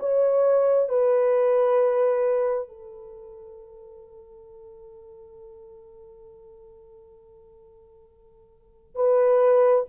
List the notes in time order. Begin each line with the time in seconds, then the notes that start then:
0.00 C#5
0.89 B4
2.69 A4
8.96 B4